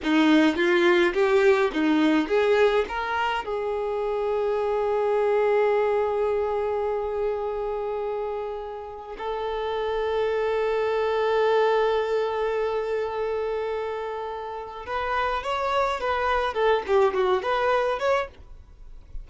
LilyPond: \new Staff \with { instrumentName = "violin" } { \time 4/4 \tempo 4 = 105 dis'4 f'4 g'4 dis'4 | gis'4 ais'4 gis'2~ | gis'1~ | gis'1 |
a'1~ | a'1~ | a'2 b'4 cis''4 | b'4 a'8 g'8 fis'8 b'4 cis''8 | }